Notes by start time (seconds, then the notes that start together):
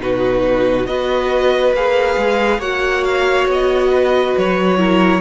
0.00 B2 D#4 F#4 B4
0.86 B3 F#4 B4 D#5
1.73 A#3 G#4 F5
2.17 G#3
2.59 A#3 F#4 C#5 F#5
3.04 F5
3.47 B3 D#5
3.92 B4
4.37 F#3 C#5
4.78 E4 A#4